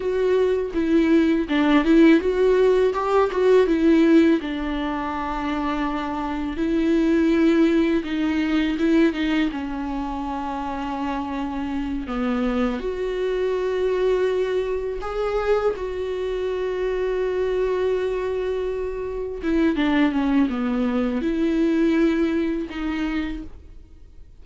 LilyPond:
\new Staff \with { instrumentName = "viola" } { \time 4/4 \tempo 4 = 82 fis'4 e'4 d'8 e'8 fis'4 | g'8 fis'8 e'4 d'2~ | d'4 e'2 dis'4 | e'8 dis'8 cis'2.~ |
cis'8 b4 fis'2~ fis'8~ | fis'8 gis'4 fis'2~ fis'8~ | fis'2~ fis'8 e'8 d'8 cis'8 | b4 e'2 dis'4 | }